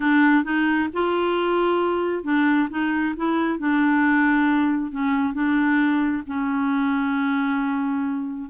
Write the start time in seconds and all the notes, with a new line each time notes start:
0.00 D4
0.44 D#4
0.93 F4
2.23 D4
2.70 D#4
3.16 E4
3.58 D4
4.91 C#4
5.33 D4
6.26 C#4